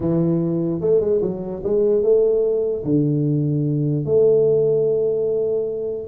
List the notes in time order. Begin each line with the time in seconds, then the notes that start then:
0.00 E3
0.80 A3
1.00 G#3
1.21 F#3
1.63 G#3
2.02 A3
2.84 D3
4.05 A3